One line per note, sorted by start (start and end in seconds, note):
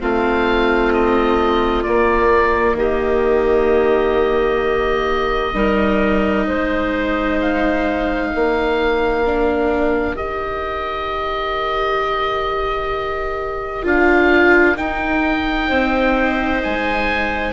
0.00 1.86 A3
0.00 1.85 C4
0.00 2.77 F4
0.00 0.94 F5
0.94 1.84 D#5
1.84 5.54 A#3
1.84 2.75 A#3
1.84 2.76 D5
2.75 5.52 D#3
2.75 5.54 G4
2.75 7.41 D#5
5.54 6.47 G3
5.54 9.24 D#4
5.54 6.47 A#4
6.47 8.32 G#3
6.47 8.30 C5
7.41 10.17 F5
8.30 10.16 A#3
8.30 15.69 A#4
9.25 10.16 D4
10.16 13.84 D#3
10.16 13.83 G4
10.16 13.86 D#5
13.83 14.77 D4
13.83 14.76 F4
13.83 14.77 F5
14.76 17.53 D#4
14.76 15.70 D#4
14.76 16.62 G5
15.69 16.63 C4
15.69 17.53 C5
16.63 17.53 G#3
16.63 17.53 G#5